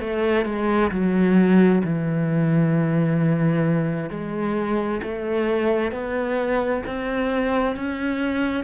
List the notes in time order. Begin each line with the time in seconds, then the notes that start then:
0.00 A3
0.45 G#3
0.91 F#3
1.84 E3
4.10 G#3
5.02 A3
5.92 B3
6.86 C4
7.76 C#4